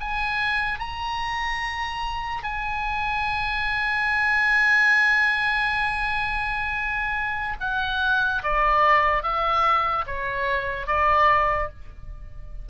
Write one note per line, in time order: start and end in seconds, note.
0.00 0.79 G#5
0.79 2.43 A#5
2.43 7.57 G#5
7.60 8.42 F#5
8.43 9.23 D5
9.23 10.05 E5
10.06 10.87 C#5
10.87 11.69 D5